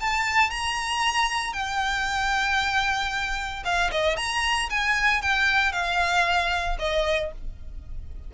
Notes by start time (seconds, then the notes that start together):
0.00 A5
0.50 A#5
1.53 G5
3.64 F5
3.91 D#5
4.17 A#5
4.70 G#5
5.22 G5
5.72 F5
6.79 D#5